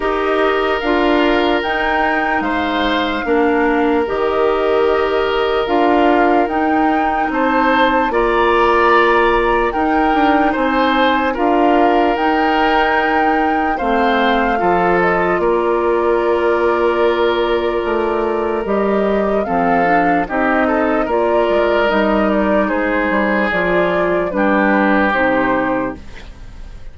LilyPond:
<<
  \new Staff \with { instrumentName = "flute" } { \time 4/4 \tempo 4 = 74 dis''4 f''4 g''4 f''4~ | f''4 dis''2 f''4 | g''4 a''4 ais''2 | g''4 gis''4 f''4 g''4~ |
g''4 f''4. dis''8 d''4~ | d''2. dis''4 | f''4 dis''4 d''4 dis''8 d''8 | c''4 d''4 b'4 c''4 | }
  \new Staff \with { instrumentName = "oboe" } { \time 4/4 ais'2. c''4 | ais'1~ | ais'4 c''4 d''2 | ais'4 c''4 ais'2~ |
ais'4 c''4 a'4 ais'4~ | ais'1 | a'4 g'8 a'8 ais'2 | gis'2 g'2 | }
  \new Staff \with { instrumentName = "clarinet" } { \time 4/4 g'4 f'4 dis'2 | d'4 g'2 f'4 | dis'2 f'2 | dis'2 f'4 dis'4~ |
dis'4 c'4 f'2~ | f'2. g'4 | c'8 d'8 dis'4 f'4 dis'4~ | dis'4 f'4 d'4 dis'4 | }
  \new Staff \with { instrumentName = "bassoon" } { \time 4/4 dis'4 d'4 dis'4 gis4 | ais4 dis2 d'4 | dis'4 c'4 ais2 | dis'8 d'8 c'4 d'4 dis'4~ |
dis'4 a4 f4 ais4~ | ais2 a4 g4 | f4 c'4 ais8 gis8 g4 | gis8 g8 f4 g4 c4 | }
>>